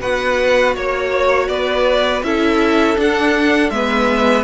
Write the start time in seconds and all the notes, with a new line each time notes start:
0.00 B3 F#4 B4 F#5
0.75 A#3 C#5
1.48 B3 B4 D5
2.22 C#4 E4 A4 E5
2.96 D4 F#5
3.70 G#3 B3 B4 E5